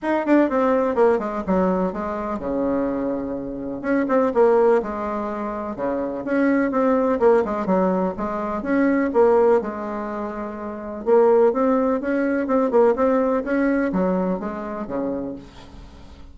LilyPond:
\new Staff \with { instrumentName = "bassoon" } { \time 4/4 \tempo 4 = 125 dis'8 d'8 c'4 ais8 gis8 fis4 | gis4 cis2. | cis'8 c'8 ais4 gis2 | cis4 cis'4 c'4 ais8 gis8 |
fis4 gis4 cis'4 ais4 | gis2. ais4 | c'4 cis'4 c'8 ais8 c'4 | cis'4 fis4 gis4 cis4 | }